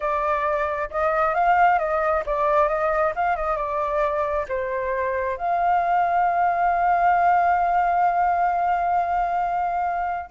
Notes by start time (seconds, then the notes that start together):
0.00 D5
0.90 D#5
1.34 F5
1.78 D#5
2.26 D5
2.68 D#5
3.15 F5
3.36 D#5
3.56 D5
4.48 C5
5.37 F5